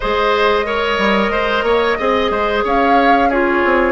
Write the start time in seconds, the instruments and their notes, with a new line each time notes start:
0.00 bassoon G#3, clarinet G#4, oboe C5, flute D#5
0.64 clarinet A#4, oboe C#5
0.98 bassoon G3
1.29 bassoon G#3, oboe C5
1.62 bassoon A#3, oboe C#5
1.98 bassoon C4, clarinet G#4, oboe D#5
2.30 bassoon G#3, oboe C5
2.64 bassoon C#4, oboe C#5, flute F5
3.29 clarinet F4, oboe G#4, flute C#5
3.64 bassoon C4